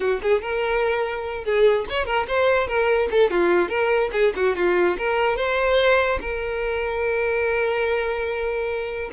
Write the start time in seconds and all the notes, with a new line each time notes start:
0.00 F#4
0.22 G#4
0.41 A#4
1.44 G#4
1.89 C#5
2.05 A#4
2.27 C5
2.67 A#4
3.11 A4
3.30 F4
3.68 A#4
4.12 G#4
4.36 F#4
4.56 F4
4.97 A#4
5.36 C5
6.21 A#4